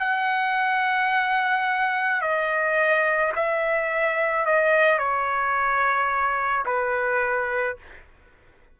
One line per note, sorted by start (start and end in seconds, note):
0.00 2.22 F#5
2.22 3.33 D#5
3.36 4.46 E5
4.46 4.98 D#5
4.98 6.65 C#5
6.66 7.77 B4